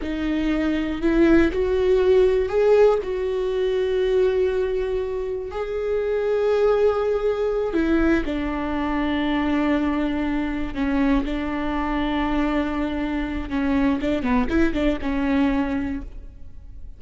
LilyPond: \new Staff \with { instrumentName = "viola" } { \time 4/4 \tempo 4 = 120 dis'2 e'4 fis'4~ | fis'4 gis'4 fis'2~ | fis'2. gis'4~ | gis'2.~ gis'8 e'8~ |
e'8 d'2.~ d'8~ | d'4. cis'4 d'4.~ | d'2. cis'4 | d'8 b8 e'8 d'8 cis'2 | }